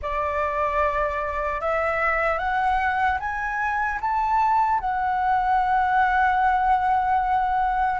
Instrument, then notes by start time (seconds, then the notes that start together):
flute
0.01 D5
1.60 E5
2.38 F#5
3.19 G#5
4.00 A5
4.80 F#5